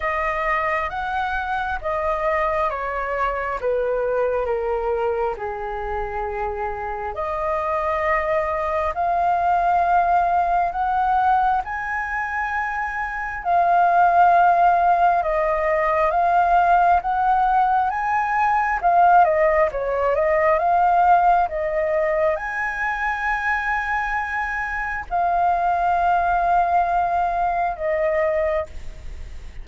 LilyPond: \new Staff \with { instrumentName = "flute" } { \time 4/4 \tempo 4 = 67 dis''4 fis''4 dis''4 cis''4 | b'4 ais'4 gis'2 | dis''2 f''2 | fis''4 gis''2 f''4~ |
f''4 dis''4 f''4 fis''4 | gis''4 f''8 dis''8 cis''8 dis''8 f''4 | dis''4 gis''2. | f''2. dis''4 | }